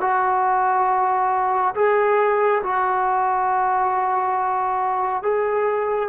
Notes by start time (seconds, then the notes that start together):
0.00 F#4
1.75 G#4
2.63 F#4
5.22 G#4